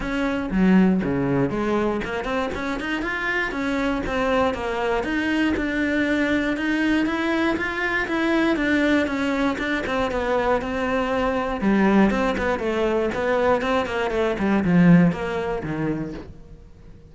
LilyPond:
\new Staff \with { instrumentName = "cello" } { \time 4/4 \tempo 4 = 119 cis'4 fis4 cis4 gis4 | ais8 c'8 cis'8 dis'8 f'4 cis'4 | c'4 ais4 dis'4 d'4~ | d'4 dis'4 e'4 f'4 |
e'4 d'4 cis'4 d'8 c'8 | b4 c'2 g4 | c'8 b8 a4 b4 c'8 ais8 | a8 g8 f4 ais4 dis4 | }